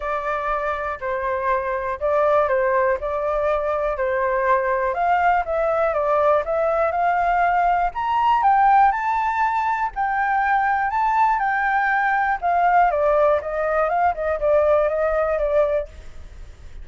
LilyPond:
\new Staff \with { instrumentName = "flute" } { \time 4/4 \tempo 4 = 121 d''2 c''2 | d''4 c''4 d''2 | c''2 f''4 e''4 | d''4 e''4 f''2 |
ais''4 g''4 a''2 | g''2 a''4 g''4~ | g''4 f''4 d''4 dis''4 | f''8 dis''8 d''4 dis''4 d''4 | }